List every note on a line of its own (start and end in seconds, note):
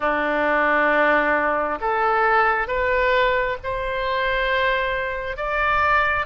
0.00 1.78 D4
1.80 2.67 A4
2.67 3.57 B4
3.63 5.36 C5
5.36 6.26 D5